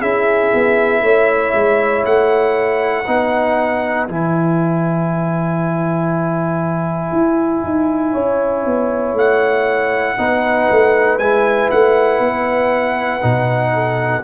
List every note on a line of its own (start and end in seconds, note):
0.00 0.52 C#4
0.00 3.05 E4
0.00 1.02 G#4
0.00 2.05 E5
0.54 1.02 B3
1.02 1.53 A3
1.02 3.05 C#5
1.54 2.05 G#3
2.05 3.07 A3
2.05 4.07 F#5
3.05 4.09 B3
3.05 4.08 D#4
3.05 8.13 B4
4.07 7.12 E3
4.07 10.18 E4
4.07 9.16 G#5
7.12 7.63 E4
7.64 8.14 D#4
8.13 8.66 C#4
8.13 10.16 C#5
8.66 9.14 B3
9.14 10.15 A3
9.14 11.19 F#5
10.18 10.69 B3
10.18 11.20 D#4
10.18 13.74 B4
10.71 11.19 A3
11.19 11.70 G#3
11.19 13.21 E4
11.19 11.70 G#5
11.71 12.20 A3
11.71 14.25 F#5
12.20 13.21 B3
13.21 14.25 B2
13.21 14.23 D#4
13.74 14.25 A4